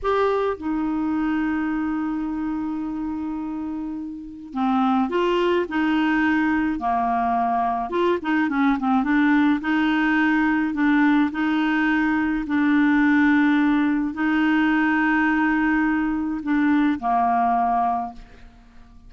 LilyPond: \new Staff \with { instrumentName = "clarinet" } { \time 4/4 \tempo 4 = 106 g'4 dis'2.~ | dis'1 | c'4 f'4 dis'2 | ais2 f'8 dis'8 cis'8 c'8 |
d'4 dis'2 d'4 | dis'2 d'2~ | d'4 dis'2.~ | dis'4 d'4 ais2 | }